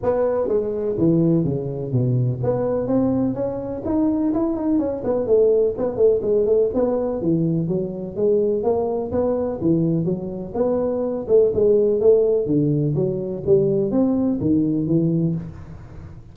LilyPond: \new Staff \with { instrumentName = "tuba" } { \time 4/4 \tempo 4 = 125 b4 gis4 e4 cis4 | b,4 b4 c'4 cis'4 | dis'4 e'8 dis'8 cis'8 b8 a4 | b8 a8 gis8 a8 b4 e4 |
fis4 gis4 ais4 b4 | e4 fis4 b4. a8 | gis4 a4 d4 fis4 | g4 c'4 dis4 e4 | }